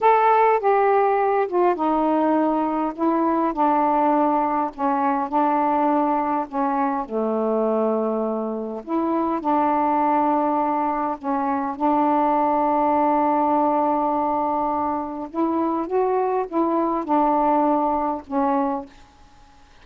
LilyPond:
\new Staff \with { instrumentName = "saxophone" } { \time 4/4 \tempo 4 = 102 a'4 g'4. f'8 dis'4~ | dis'4 e'4 d'2 | cis'4 d'2 cis'4 | a2. e'4 |
d'2. cis'4 | d'1~ | d'2 e'4 fis'4 | e'4 d'2 cis'4 | }